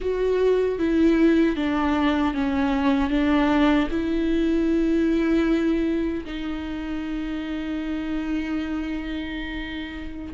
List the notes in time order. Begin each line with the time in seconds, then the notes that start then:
0.00 F#4
0.79 E4
1.55 D4
2.34 C#4
3.10 D4
3.90 E4
6.24 D#4